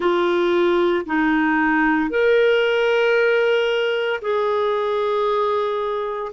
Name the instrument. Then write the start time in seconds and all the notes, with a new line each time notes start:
clarinet
0.00 F4
1.05 D#4
2.10 A#4
4.21 G#4